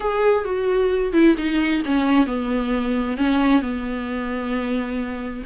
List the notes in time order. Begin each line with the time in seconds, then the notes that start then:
0.00 G#4
0.44 F#4
1.12 E4
1.37 D#4
1.85 C#4
2.26 B3
3.17 C#4
3.61 B3